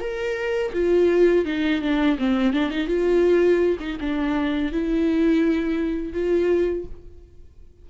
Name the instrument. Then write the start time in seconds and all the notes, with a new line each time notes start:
viola
0.00 A#4
0.73 F4
1.46 D#4
1.82 D4
2.18 C4
2.53 D4
2.70 D#4
2.87 F4
3.80 D#4
4.01 D4
4.72 E4
6.13 F4